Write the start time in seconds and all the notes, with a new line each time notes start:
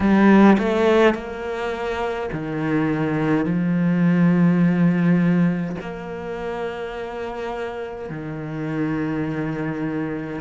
0.00 G3
0.58 A3
1.14 A#3
2.32 D#3
3.45 F3
5.80 A#3
8.09 D#3